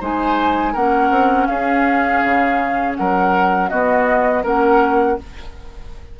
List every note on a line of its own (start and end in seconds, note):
0.00 0.75 G#3
0.00 0.75 D#4
0.00 0.73 C5
0.00 0.75 G#5
0.73 1.10 A#3
0.73 3.71 C#4
0.73 1.47 A#4
0.73 1.46 F#5
1.10 1.47 C4
1.46 2.22 C#4
1.46 2.97 G#4
1.46 2.94 F5
2.24 2.98 C#3
2.95 3.72 F#3
2.95 3.70 A#4
2.95 3.69 F#5
3.69 4.44 B3
3.69 4.43 F#4
3.69 4.43 D#5
4.43 5.18 A#3
4.43 5.18 C#4
4.43 5.17 A#4
4.43 5.19 F#5